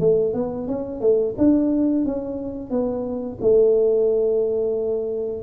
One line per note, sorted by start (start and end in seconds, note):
0.00 0.34 A3
0.34 0.68 B3
0.68 1.01 C#4
1.01 1.35 A3
1.38 2.06 D4
2.06 2.71 C#4
2.71 3.39 B3
3.41 5.43 A3